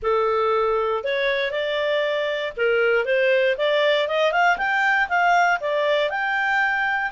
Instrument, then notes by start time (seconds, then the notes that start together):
clarinet
0.02 A4
1.04 C#5
1.51 D5
2.57 A#4
3.05 C5
3.57 D5
4.08 D#5
4.32 F5
4.57 G5
5.08 F5
5.60 D5
6.09 G5